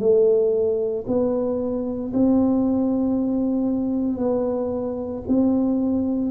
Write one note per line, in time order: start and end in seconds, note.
0.00 1.05 A3
1.07 2.12 B3
2.14 4.18 C4
4.18 5.23 B3
5.28 6.32 C4